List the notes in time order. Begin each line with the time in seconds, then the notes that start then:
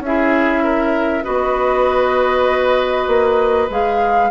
0.00 C#4 G#4 E5
0.06 E4
0.64 A#4
1.24 B3 F#4 B4 D#5
3.08 A#3
3.70 G#3 G#4 F5